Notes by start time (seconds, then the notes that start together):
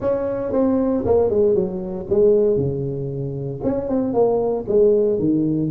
0.00 C#4
0.52 C4
1.05 A#3
1.30 G#3
1.54 F#3
2.09 G#3
2.56 C#3
3.63 C#4
3.88 C4
4.13 A#3
4.67 G#3
5.19 D#3